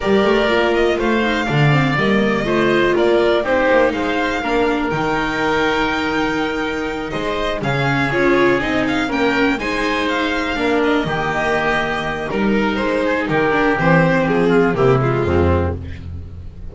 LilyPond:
<<
  \new Staff \with { instrumentName = "violin" } { \time 4/4 \tempo 4 = 122 d''4. dis''8 f''2 | dis''2 d''4 c''4 | f''2 g''2~ | g''2~ g''8 dis''4 f''8~ |
f''8 cis''4 dis''8 f''8 g''4 gis''8~ | gis''8 f''4. dis''2~ | dis''4 ais'4 c''4 ais'4 | c''4 gis'4 g'8 f'4. | }
  \new Staff \with { instrumentName = "oboe" } { \time 4/4 ais'2 c''4 d''4~ | d''4 c''4 ais'4 g'4 | c''4 ais'2.~ | ais'2~ ais'8 c''4 gis'8~ |
gis'2~ gis'8 ais'4 c''8~ | c''4. ais'4 g'4.~ | g'4 ais'4. gis'8 g'4~ | g'4. f'8 e'4 c'4 | }
  \new Staff \with { instrumentName = "viola" } { \time 4/4 g'4 f'4. dis'8 d'8 c'8 | ais4 f'2 dis'4~ | dis'4 d'4 dis'2~ | dis'2.~ dis'8 cis'8~ |
cis'8 f'4 dis'4 cis'4 dis'8~ | dis'4. d'4 ais4.~ | ais4 dis'2~ dis'8 d'8 | c'2 ais8 gis4. | }
  \new Staff \with { instrumentName = "double bass" } { \time 4/4 g8 a8 ais4 a4 d4 | g4 a4 ais4 c'8 ais8 | gis4 ais4 dis2~ | dis2~ dis8 gis4 cis8~ |
cis8 cis'4 c'4 ais4 gis8~ | gis4. ais4 dis4.~ | dis4 g4 gis4 dis4 | e4 f4 c4 f,4 | }
>>